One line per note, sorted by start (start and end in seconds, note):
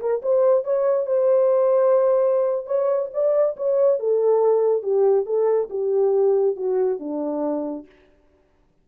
0.00 0.22 A#4
0.22 0.64 C5
0.64 1.07 C#5
1.07 2.66 C5
2.66 3.10 C#5
3.13 3.57 D5
3.57 3.99 C#5
3.99 4.83 A4
4.83 5.26 G4
5.26 5.69 A4
5.70 6.56 G4
6.57 6.99 F#4
6.99 7.86 D4